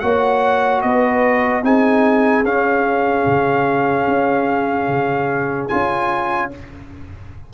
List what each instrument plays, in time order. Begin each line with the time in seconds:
0.00 tuba A#3, trombone F#4, horn C#5, trumpet F#5
0.81 tuba B3, horn B4, trumpet D#5
1.63 tuba C4, trombone D#4, horn G#4, trumpet G#5
2.44 tuba C#4, trombone C#4, trumpet F5
3.26 tuba C#3
4.07 tuba C#4
4.87 tuba C#3
5.68 tuba C#4, trombone F4, trumpet G#5